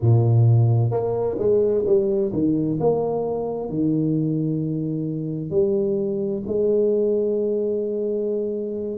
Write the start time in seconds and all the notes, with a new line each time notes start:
0.01 A#2
0.91 A#3
1.38 G#3
1.85 G3
2.32 D#3
2.79 A#3
3.69 D#3
5.50 G3
6.47 G#3